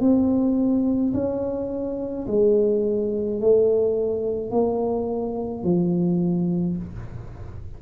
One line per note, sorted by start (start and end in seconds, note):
0.00 1.13 C4
1.14 2.27 C#4
2.27 3.41 G#3
3.41 4.51 A3
4.51 5.63 A#3
5.63 6.77 F3